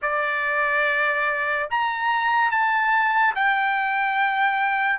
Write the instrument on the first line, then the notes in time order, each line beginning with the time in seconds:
trumpet
0.02 D5
1.70 A#5
2.51 A5
3.35 G5